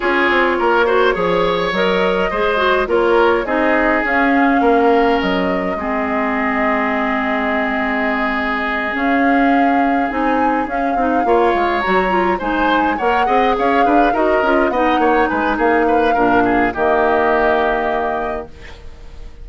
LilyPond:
<<
  \new Staff \with { instrumentName = "flute" } { \time 4/4 \tempo 4 = 104 cis''2. dis''4~ | dis''4 cis''4 dis''4 f''4~ | f''4 dis''2.~ | dis''2.~ dis''8 f''8~ |
f''4. gis''4 f''4.~ | f''8 ais''4 gis''4 fis''4 f''8~ | f''8 dis''4 fis''4 gis''8 f''4~ | f''4 dis''2. | }
  \new Staff \with { instrumentName = "oboe" } { \time 4/4 gis'4 ais'8 c''8 cis''2 | c''4 ais'4 gis'2 | ais'2 gis'2~ | gis'1~ |
gis'2.~ gis'8 cis''8~ | cis''4. c''4 cis''8 dis''8 cis''8 | b'8 ais'4 dis''8 cis''8 b'8 gis'8 b'8 | ais'8 gis'8 g'2. | }
  \new Staff \with { instrumentName = "clarinet" } { \time 4/4 f'4. fis'8 gis'4 ais'4 | gis'8 fis'8 f'4 dis'4 cis'4~ | cis'2 c'2~ | c'2.~ c'8 cis'8~ |
cis'4. dis'4 cis'8 dis'8 f'8~ | f'8 fis'8 f'8 dis'4 ais'8 gis'4~ | gis'8 fis'8 f'8 dis'2~ dis'8 | d'4 ais2. | }
  \new Staff \with { instrumentName = "bassoon" } { \time 4/4 cis'8 c'8 ais4 f4 fis4 | gis4 ais4 c'4 cis'4 | ais4 fis4 gis2~ | gis2.~ gis8 cis'8~ |
cis'4. c'4 cis'8 c'8 ais8 | gis8 fis4 gis4 ais8 c'8 cis'8 | d'8 dis'8 cis'8 b8 ais8 gis8 ais4 | ais,4 dis2. | }
>>